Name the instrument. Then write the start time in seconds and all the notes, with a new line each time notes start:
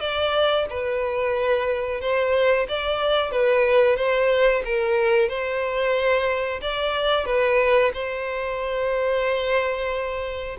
violin
0.00 D5
0.70 B4
2.01 C5
2.69 D5
3.31 B4
3.97 C5
4.65 A#4
5.29 C5
6.62 D5
7.26 B4
7.94 C5